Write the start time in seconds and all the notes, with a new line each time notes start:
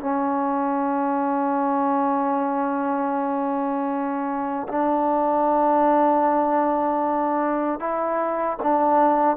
0.00 C#4
4.69 D4
7.80 E4
8.63 D4